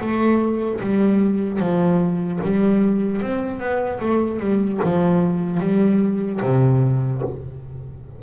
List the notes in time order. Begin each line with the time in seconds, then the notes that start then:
0.00 A3
0.80 G3
1.59 F3
2.43 G3
3.21 C4
3.59 B3
4.00 A3
4.39 G3
4.83 F3
5.60 G3
6.41 C3